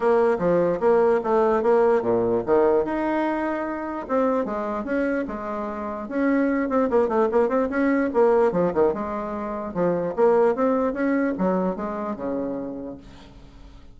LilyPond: \new Staff \with { instrumentName = "bassoon" } { \time 4/4 \tempo 4 = 148 ais4 f4 ais4 a4 | ais4 ais,4 dis4 dis'4~ | dis'2 c'4 gis4 | cis'4 gis2 cis'4~ |
cis'8 c'8 ais8 a8 ais8 c'8 cis'4 | ais4 f8 dis8 gis2 | f4 ais4 c'4 cis'4 | fis4 gis4 cis2 | }